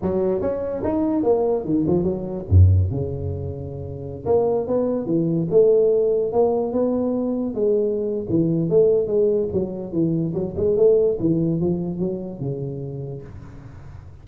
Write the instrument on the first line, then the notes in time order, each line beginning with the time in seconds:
tuba
0.02 F#3
0.41 C#4
0.83 D#4
1.23 A#3
1.64 D#3
1.87 F3
2.03 F#3
2.49 F#2
2.90 C#3
4.25 A#3
4.67 B3
5.06 E3
5.50 A3
6.32 A#3
6.72 B3
7.54 G#3
8.29 E3
8.69 A3
9.07 G#3
9.52 F#3
9.92 E3
10.34 F#3
10.56 G#3
10.76 A3
11.19 E3
11.60 F3
11.99 F#3
12.39 C#3